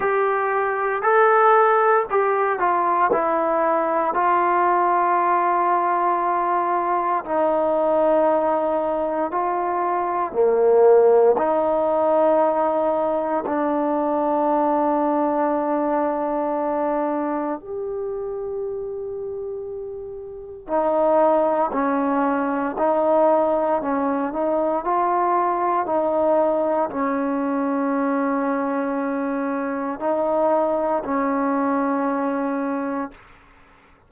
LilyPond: \new Staff \with { instrumentName = "trombone" } { \time 4/4 \tempo 4 = 58 g'4 a'4 g'8 f'8 e'4 | f'2. dis'4~ | dis'4 f'4 ais4 dis'4~ | dis'4 d'2.~ |
d'4 g'2. | dis'4 cis'4 dis'4 cis'8 dis'8 | f'4 dis'4 cis'2~ | cis'4 dis'4 cis'2 | }